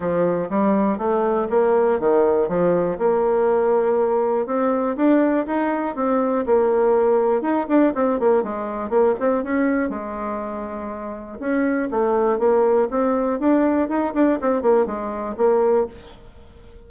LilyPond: \new Staff \with { instrumentName = "bassoon" } { \time 4/4 \tempo 4 = 121 f4 g4 a4 ais4 | dis4 f4 ais2~ | ais4 c'4 d'4 dis'4 | c'4 ais2 dis'8 d'8 |
c'8 ais8 gis4 ais8 c'8 cis'4 | gis2. cis'4 | a4 ais4 c'4 d'4 | dis'8 d'8 c'8 ais8 gis4 ais4 | }